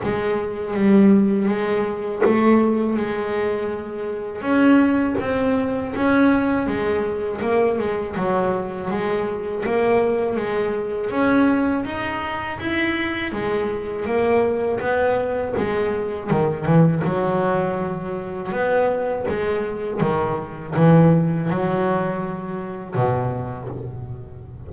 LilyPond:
\new Staff \with { instrumentName = "double bass" } { \time 4/4 \tempo 4 = 81 gis4 g4 gis4 a4 | gis2 cis'4 c'4 | cis'4 gis4 ais8 gis8 fis4 | gis4 ais4 gis4 cis'4 |
dis'4 e'4 gis4 ais4 | b4 gis4 dis8 e8 fis4~ | fis4 b4 gis4 dis4 | e4 fis2 b,4 | }